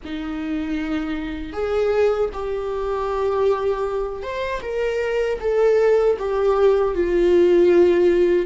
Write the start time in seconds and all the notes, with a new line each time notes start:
0.05 D#4
1.52 G#4
2.33 G4
4.22 C5
4.62 A#4
5.40 A4
6.18 G4
6.94 F4